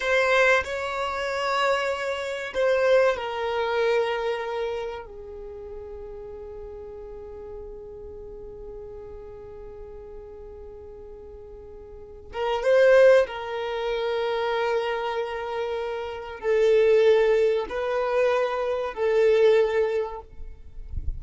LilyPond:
\new Staff \with { instrumentName = "violin" } { \time 4/4 \tempo 4 = 95 c''4 cis''2. | c''4 ais'2. | gis'1~ | gis'1~ |
gis'2.~ gis'8 ais'8 | c''4 ais'2.~ | ais'2 a'2 | b'2 a'2 | }